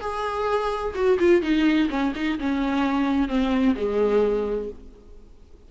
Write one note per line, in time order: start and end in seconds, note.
0.00 0.94 G#4
0.94 1.18 F#4
1.19 1.42 F4
1.42 1.89 D#4
1.89 2.13 C#4
2.15 2.38 D#4
2.39 3.28 C#4
3.28 3.75 C4
3.75 4.69 G#3